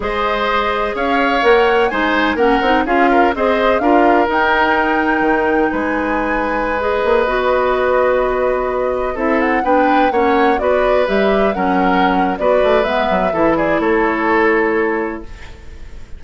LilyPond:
<<
  \new Staff \with { instrumentName = "flute" } { \time 4/4 \tempo 4 = 126 dis''2 f''4 fis''4 | gis''4 fis''4 f''4 dis''4 | f''4 g''2. | gis''2~ gis''16 dis''4.~ dis''16~ |
dis''2.~ dis''16 e''8 fis''16~ | fis''16 g''4 fis''4 d''4 e''8.~ | e''16 fis''4.~ fis''16 d''4 e''4~ | e''8 d''8 cis''2. | }
  \new Staff \with { instrumentName = "oboe" } { \time 4/4 c''2 cis''2 | c''4 ais'4 gis'8 ais'8 c''4 | ais'1 | b'1~ |
b'2.~ b'16 a'8.~ | a'16 b'4 cis''4 b'4.~ b'16~ | b'16 ais'4.~ ais'16 b'2 | a'8 gis'8 a'2. | }
  \new Staff \with { instrumentName = "clarinet" } { \time 4/4 gis'2. ais'4 | dis'4 cis'8 dis'8 f'4 gis'4 | f'4 dis'2.~ | dis'2~ dis'16 gis'4 fis'8.~ |
fis'2.~ fis'16 e'8.~ | e'16 d'4 cis'4 fis'4 g'8.~ | g'16 cis'4.~ cis'16 fis'4 b4 | e'1 | }
  \new Staff \with { instrumentName = "bassoon" } { \time 4/4 gis2 cis'4 ais4 | gis4 ais8 c'8 cis'4 c'4 | d'4 dis'2 dis4 | gis2~ gis8. ais8 b8.~ |
b2.~ b16 c'8.~ | c'16 b4 ais4 b4 g8.~ | g16 fis4.~ fis16 b8 a8 gis8 fis8 | e4 a2. | }
>>